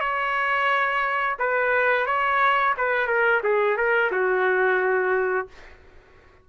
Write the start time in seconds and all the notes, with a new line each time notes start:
0.00 C#5
1.39 B4
2.06 C#5
2.77 B4
3.07 A#4
3.43 G#4
3.77 A#4
4.11 F#4